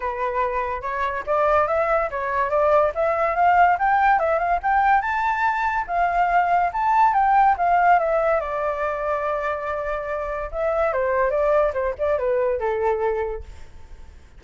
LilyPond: \new Staff \with { instrumentName = "flute" } { \time 4/4 \tempo 4 = 143 b'2 cis''4 d''4 | e''4 cis''4 d''4 e''4 | f''4 g''4 e''8 f''8 g''4 | a''2 f''2 |
a''4 g''4 f''4 e''4 | d''1~ | d''4 e''4 c''4 d''4 | c''8 d''8 b'4 a'2 | }